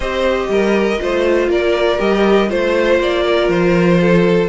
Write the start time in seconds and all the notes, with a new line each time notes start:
0.00 C4 G4 C5 D#5
0.49 G3 A#4
0.97 A3 F4 C5
1.48 A#3 A#4 D5
1.98 G3 G4 D#5
2.48 A3 F4 C5
2.99 A#3 D5
3.24 A#4
3.48 F3 C5
4.01 A4